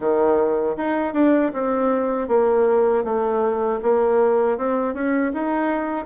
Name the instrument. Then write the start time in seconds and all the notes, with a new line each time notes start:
bassoon
0.00 D#3
0.76 D#4
1.13 D4
1.53 C4
2.28 A#3
3.04 A3
3.82 A#3
4.57 C4
4.94 C#4
5.33 D#4